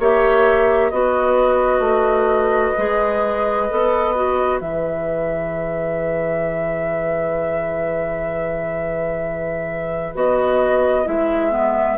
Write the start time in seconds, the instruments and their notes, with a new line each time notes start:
0.00 bassoon A#3, clarinet G4, oboe C#5, flute E5
0.91 bassoon B3, clarinet F#4, oboe B4, flute D#5
1.80 bassoon A3
2.78 bassoon G#3, clarinet G#4
3.70 bassoon B3, clarinet A4
4.16 clarinet F#4
4.61 bassoon E3, clarinet G#4, flute E5
10.15 bassoon B3, clarinet F#4, flute D#5
11.05 bassoon G#3, clarinet E4, flute E5
11.51 clarinet B3